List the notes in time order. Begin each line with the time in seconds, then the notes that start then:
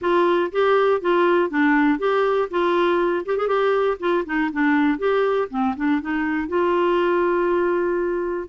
0.01 F4
0.52 G4
1.01 F4
1.50 D4
1.98 G4
2.50 F4
3.25 G4
3.37 G#4
3.47 G4
3.99 F4
4.25 D#4
4.52 D4
4.98 G4
5.50 C4
5.76 D4
6.01 D#4
6.48 F4